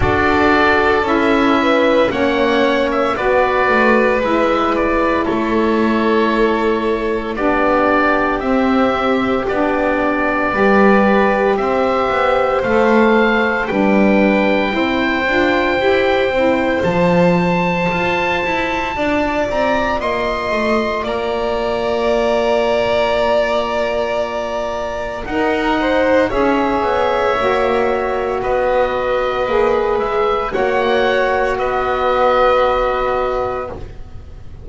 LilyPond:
<<
  \new Staff \with { instrumentName = "oboe" } { \time 4/4 \tempo 4 = 57 d''4 e''4 fis''8. e''16 d''4 | e''8 d''8 cis''2 d''4 | e''4 d''2 e''4 | f''4 g''2. |
a''2~ a''8 ais''8 c'''4 | ais''1 | fis''4 e''2 dis''4~ | dis''8 e''8 fis''4 dis''2 | }
  \new Staff \with { instrumentName = "violin" } { \time 4/4 a'4. b'8 cis''4 b'4~ | b'4 a'2 g'4~ | g'2 b'4 c''4~ | c''4 b'4 c''2~ |
c''2 d''4 dis''4 | d''1 | ais'8 c''8 cis''2 b'4~ | b'4 cis''4 b'2 | }
  \new Staff \with { instrumentName = "saxophone" } { \time 4/4 fis'4 e'4 cis'4 fis'4 | e'2. d'4 | c'4 d'4 g'2 | a'4 d'4 e'8 f'8 g'8 e'8 |
f'1~ | f'1 | dis'4 gis'4 fis'2 | gis'4 fis'2. | }
  \new Staff \with { instrumentName = "double bass" } { \time 4/4 d'4 cis'4 ais4 b8 a8 | gis4 a2 b4 | c'4 b4 g4 c'8 b8 | a4 g4 c'8 d'8 e'8 c'8 |
f4 f'8 e'8 d'8 c'8 ais8 a8 | ais1 | dis'4 cis'8 b8 ais4 b4 | ais8 gis8 ais4 b2 | }
>>